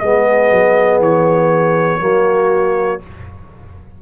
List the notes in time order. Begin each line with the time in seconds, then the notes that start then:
0.00 G#3 B3 G#4 D#5
0.51 F#3
0.99 E3 C#5
2.00 F#3 A#3 F#4